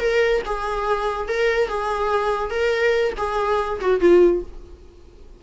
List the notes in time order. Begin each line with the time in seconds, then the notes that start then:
0.00 A#4
0.46 G#4
1.29 A#4
1.69 G#4
2.51 A#4
3.18 G#4
3.81 F#4
4.01 F4